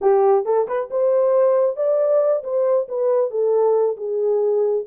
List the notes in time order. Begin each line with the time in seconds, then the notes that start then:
0.01 G4
0.45 A4
0.67 B4
0.90 C5
1.76 D5
2.43 C5
2.88 B4
3.30 A4
3.96 G#4